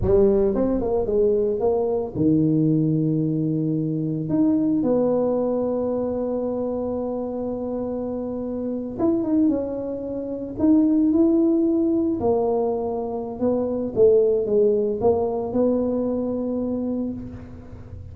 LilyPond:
\new Staff \with { instrumentName = "tuba" } { \time 4/4 \tempo 4 = 112 g4 c'8 ais8 gis4 ais4 | dis1 | dis'4 b2.~ | b1~ |
b8. e'8 dis'8 cis'2 dis'16~ | dis'8. e'2 ais4~ ais16~ | ais4 b4 a4 gis4 | ais4 b2. | }